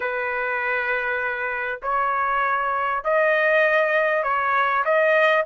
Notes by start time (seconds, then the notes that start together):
0.00 B4
1.82 C#5
3.03 D#5
4.23 C#5
4.84 D#5